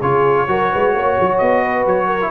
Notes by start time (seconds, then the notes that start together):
0.00 C#3 F4 G#4 C#5
0.47 F#3 F#4 A#4
0.71 G#3 B4
0.93 A#3 C#5
1.20 F#3
1.38 B3 D#5
1.63 B4
1.86 F#3 C#5
2.06 A#4
2.21 E4